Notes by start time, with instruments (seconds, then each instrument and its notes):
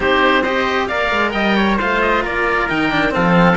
0.00 cello C4 D#4, trumpet G4, oboe C5
0.43 cello G4, trumpet C5, oboe D#5
0.87 cello A#3 A#4, trumpet D5, oboe F5
1.11 cello G#3
1.31 cello G3, trumpet D#5, oboe G5
1.55 trumpet C#5
1.78 cello A3 F4, trumpet C5, oboe F5
2.01 oboe D#5
2.23 cello A#3, trumpet A#4, oboe D5
2.68 cello D#3 D#4, oboe G5
2.90 cello D4
3.10 cello F3 C4, trumpet A4, oboe F5